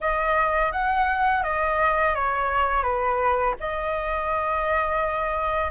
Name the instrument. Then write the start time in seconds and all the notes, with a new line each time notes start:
flute
0.00 D#5
0.71 F#5
1.43 D#5
2.14 C#5
2.82 B4
3.60 D#5